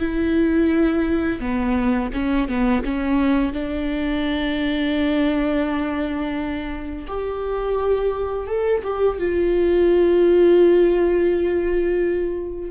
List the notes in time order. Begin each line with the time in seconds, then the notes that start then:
0.00 E4
1.41 B3
2.14 C#4
2.49 B3
2.85 C#4
3.54 D4
7.08 G4
8.48 A4
8.84 G4
9.19 F4